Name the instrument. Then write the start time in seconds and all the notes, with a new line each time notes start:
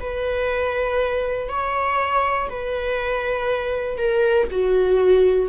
viola
0.00 B4
1.49 C#5
2.50 B4
3.98 A#4
4.51 F#4